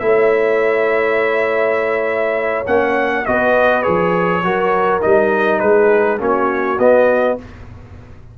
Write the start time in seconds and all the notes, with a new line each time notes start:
0.00 A3 E4 C#5 E5
2.67 A#3 C#4 F#5
3.26 B3 F#4 B4 D#5
3.83 F3 G#4 C#5
4.43 F#3 F#4 A#4
5.01 G3 D#4 D#5
5.60 G#3 G#4 B4
6.19 A#3 C#4 F#4 C#5
6.79 B3 D#5